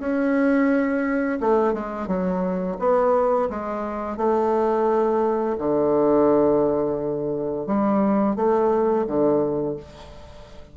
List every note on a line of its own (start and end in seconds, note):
0.00 1.40 C#4
1.40 1.74 A3
1.74 2.08 G#3
2.08 2.77 F#3
2.80 3.49 B3
3.50 4.18 G#3
4.18 5.57 A3
5.58 7.67 D3
7.67 8.36 G3
8.36 9.06 A3
9.07 9.77 D3